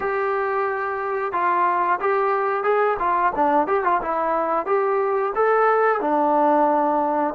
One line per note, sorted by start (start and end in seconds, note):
0.00 1.32 G4
1.32 1.98 F4
2.00 2.63 G4
2.63 2.97 G#4
2.99 3.32 F4
3.35 3.67 D4
3.67 3.83 G4
3.84 4.00 F4
4.01 4.65 E4
4.65 5.32 G4
5.35 6.01 A4
6.01 7.34 D4